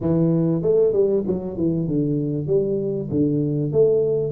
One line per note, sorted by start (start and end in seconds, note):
0.01 0.62 E3
0.62 0.92 A3
0.92 1.23 G3
1.26 1.56 F#3
1.56 1.87 E3
1.87 2.47 D3
2.47 3.08 G3
3.10 3.72 D3
3.72 4.32 A3